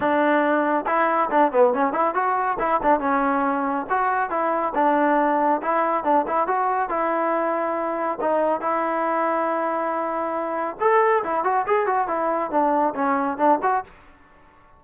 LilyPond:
\new Staff \with { instrumentName = "trombone" } { \time 4/4 \tempo 4 = 139 d'2 e'4 d'8 b8 | cis'8 e'8 fis'4 e'8 d'8 cis'4~ | cis'4 fis'4 e'4 d'4~ | d'4 e'4 d'8 e'8 fis'4 |
e'2. dis'4 | e'1~ | e'4 a'4 e'8 fis'8 gis'8 fis'8 | e'4 d'4 cis'4 d'8 fis'8 | }